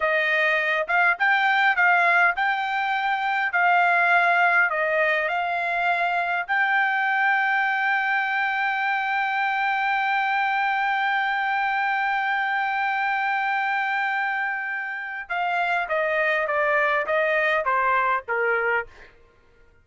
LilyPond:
\new Staff \with { instrumentName = "trumpet" } { \time 4/4 \tempo 4 = 102 dis''4. f''8 g''4 f''4 | g''2 f''2 | dis''4 f''2 g''4~ | g''1~ |
g''1~ | g''1~ | g''2 f''4 dis''4 | d''4 dis''4 c''4 ais'4 | }